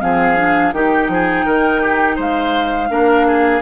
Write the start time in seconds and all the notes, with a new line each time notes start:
0.00 F3 C4 G#4 F5
0.36 D4
0.72 D#3 D#4 G4 G5
1.08 F3 G#4
1.45 D#3 A#4
1.81 G4
2.15 G#3 C5 F5
2.89 A#3 D4 A#4
3.27 G#4